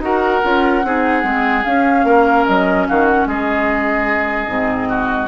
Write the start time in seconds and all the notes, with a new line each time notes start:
0.00 D#4 F#4 A#4 F#5
0.42 C#4 F4
0.84 C4 D#4 G#4
1.23 G#3 C4
1.64 C#4 F5
2.04 A#3 A#4
2.46 F#3 D#5
2.88 D#3 F#4 F5
3.06 F#5
3.26 G#3 G#4 D#5
4.47 G#2 C4
4.89 F#4